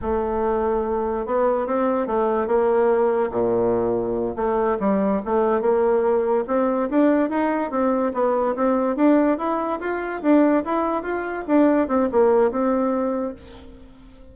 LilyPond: \new Staff \with { instrumentName = "bassoon" } { \time 4/4 \tempo 4 = 144 a2. b4 | c'4 a4 ais2 | ais,2~ ais,8 a4 g8~ | g8 a4 ais2 c'8~ |
c'8 d'4 dis'4 c'4 b8~ | b8 c'4 d'4 e'4 f'8~ | f'8 d'4 e'4 f'4 d'8~ | d'8 c'8 ais4 c'2 | }